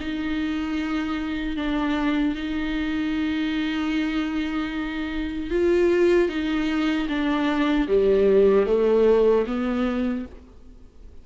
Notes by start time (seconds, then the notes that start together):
0.00 D#4
1.56 D4
2.35 D#4
5.50 F4
6.29 D#4
7.09 D4
7.88 G3
8.66 A3
9.46 B3